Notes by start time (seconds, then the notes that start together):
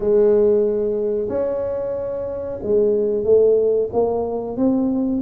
0.00 G#3
1.28 C#4
2.62 G#3
3.24 A3
3.92 A#3
4.56 C4